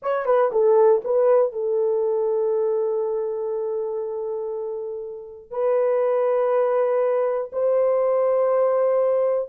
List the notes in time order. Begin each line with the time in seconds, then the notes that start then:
0.02 C#5
0.25 B4
0.52 A4
1.04 B4
1.52 A4
5.50 B4
7.52 C5